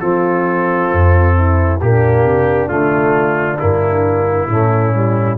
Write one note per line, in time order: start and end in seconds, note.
0.00 0.91 F3
0.00 1.80 C4
0.00 1.35 F4
0.00 1.79 A4
0.93 1.82 F2
1.37 1.82 E4
1.81 2.24 A#2
1.81 2.68 A#3
1.81 4.49 D4
1.81 2.68 G4
2.24 2.69 C3
2.68 3.60 D3
2.68 3.58 A3
2.68 3.58 F4
3.59 4.48 G2
3.59 4.49 A#3
3.59 5.38 E4
4.48 5.37 A2
4.48 4.93 A3
4.48 5.38 C#4
4.93 5.38 G3